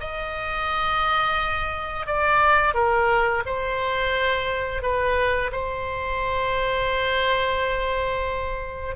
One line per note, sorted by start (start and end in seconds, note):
0.00 2.06 D#5
2.06 2.74 D5
2.74 3.43 A#4
3.45 4.82 C5
4.82 5.51 B4
5.51 8.96 C5